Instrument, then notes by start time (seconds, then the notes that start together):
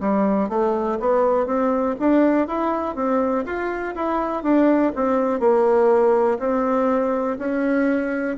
bassoon
0.00 G3
0.49 A3
1.00 B3
1.46 C4
1.99 D4
2.47 E4
2.96 C4
3.45 F4
3.95 E4
4.43 D4
4.95 C4
5.40 A#3
6.39 C4
7.38 C#4